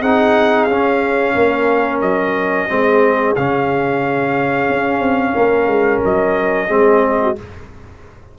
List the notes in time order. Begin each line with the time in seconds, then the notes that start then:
0.00 C4 D#4 G#4 F#5
0.64 C#4 F5
1.34 A#3 A#4
2.01 F#3 D#5
2.69 G#3 C4 G#4
3.35 C#3 C#4 F5
4.69 C#4
4.99 C4
5.33 A#3 A#4
5.67 G#3
6.04 F#3 D#5
6.67 G#3 C4 G#4
7.21 F#4